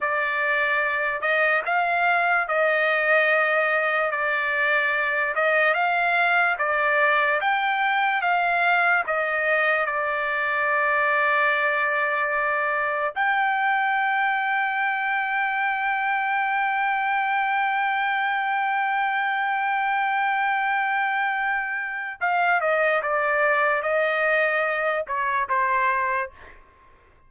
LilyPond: \new Staff \with { instrumentName = "trumpet" } { \time 4/4 \tempo 4 = 73 d''4. dis''8 f''4 dis''4~ | dis''4 d''4. dis''8 f''4 | d''4 g''4 f''4 dis''4 | d''1 |
g''1~ | g''1~ | g''2. f''8 dis''8 | d''4 dis''4. cis''8 c''4 | }